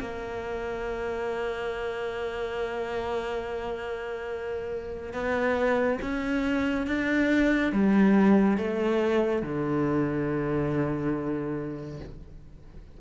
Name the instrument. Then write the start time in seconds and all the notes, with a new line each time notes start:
cello
0.00 A#3
5.13 B3
6.02 C#4
6.87 D4
7.72 G3
8.58 A3
9.42 D3